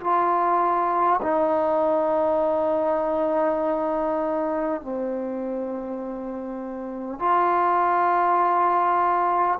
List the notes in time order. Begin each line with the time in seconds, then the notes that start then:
0.00 F4
1.22 D#4
4.81 C4
7.19 F4